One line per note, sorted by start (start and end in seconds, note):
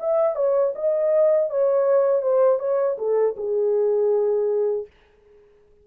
0.00 0.36 E5
0.36 0.74 C#5
0.76 1.50 D#5
1.50 2.23 C#5
2.23 2.60 C5
2.60 2.97 C#5
2.98 3.36 A4
3.37 4.87 G#4